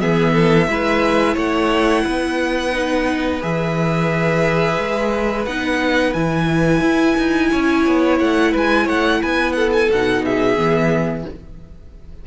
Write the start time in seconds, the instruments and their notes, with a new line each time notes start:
0.00 cello E3, viola B3, violin G#4 E5
0.33 violin A4
0.68 cello G#3, viola E4, violin B4
1.34 cello A3, violin C#5 F#5
2.04 cello B3, violin B4
2.73 viola D#4
3.41 cello E3, viola G#4, violin E5
4.78 cello G#3
5.46 cello B3, viola D#4, violin F#5
6.13 cello E3, viola E4, violin G#5
6.81 cello E4
7.18 cello D#4
7.51 cello C#4, violin C#5
7.86 cello B3
8.19 cello A3, violin F#5
8.52 cello G#3, violin B4 G#5
8.84 cello A3, violin C#5 F#5
9.22 cello B3, violin B4 G#5
9.52 violin A4 F#5
9.73 violin G#5
9.89 cello B2, viola D#4, violin F#5
10.24 violin G#4 E5
10.57 cello E3, viola B3